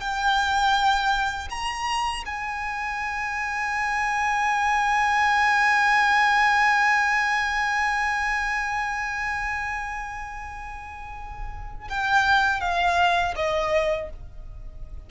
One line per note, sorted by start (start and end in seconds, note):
0.00 1.48 G5
1.49 2.24 A#5
2.25 11.88 G#5
11.89 12.60 G5
12.60 13.34 F5
13.35 14.09 D#5